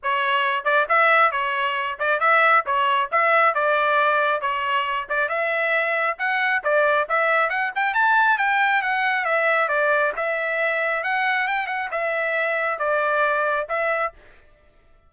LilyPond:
\new Staff \with { instrumentName = "trumpet" } { \time 4/4 \tempo 4 = 136 cis''4. d''8 e''4 cis''4~ | cis''8 d''8 e''4 cis''4 e''4 | d''2 cis''4. d''8 | e''2 fis''4 d''4 |
e''4 fis''8 g''8 a''4 g''4 | fis''4 e''4 d''4 e''4~ | e''4 fis''4 g''8 fis''8 e''4~ | e''4 d''2 e''4 | }